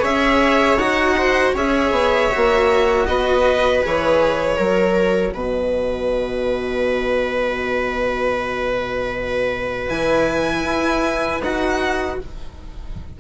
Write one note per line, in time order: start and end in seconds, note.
0.00 0.77 C#4
0.00 0.78 G#4
0.00 1.14 C#5
0.00 0.78 E5
0.77 1.53 D#4
0.77 1.56 F#4
0.77 1.54 F#5
1.18 1.54 C5
1.54 1.91 C#4
1.54 2.31 G#4
1.54 3.06 C#5
1.54 3.06 E5
1.91 2.29 B3
2.31 3.07 A#3
2.31 3.83 F#4
3.06 3.83 B3
3.06 4.56 B4
3.06 3.82 D#5
3.83 4.59 E3
3.83 4.58 G#4
3.83 5.36 C#5
4.56 5.34 F#3
4.56 9.90 F#4
4.56 5.32 A#4
5.34 9.89 B2
5.34 12.18 B4
5.34 9.89 D#5
9.89 10.65 E3
9.89 11.42 E4
9.89 11.41 G#5
10.65 11.41 E4
11.42 12.18 D#4
11.42 12.20 F#4
11.42 12.20 F#5